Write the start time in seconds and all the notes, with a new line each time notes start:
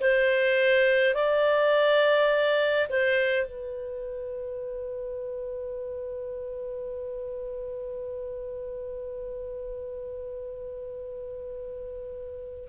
0.00 C5
1.14 D5
2.89 C5
3.46 B4